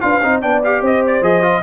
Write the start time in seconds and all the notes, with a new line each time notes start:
0.00 D4 F4 B4 F5
0.23 C4 D#4 C5
0.41 B3 D4 D5 G5
0.63 G4 F5
0.81 C4 C5 D#5
1.07 D5
1.21 F3 G#4 D#5
1.42 F4